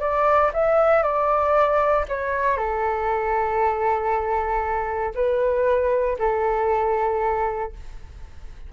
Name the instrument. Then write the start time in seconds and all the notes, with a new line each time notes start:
flute
0.00 D5
0.54 E5
1.03 D5
2.08 C#5
2.57 A4
5.15 B4
6.19 A4